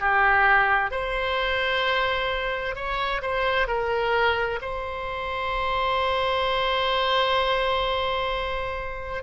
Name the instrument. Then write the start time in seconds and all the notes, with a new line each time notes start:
oboe
0.00 G4
0.91 C5
2.76 C#5
3.22 C5
3.68 A#4
4.62 C5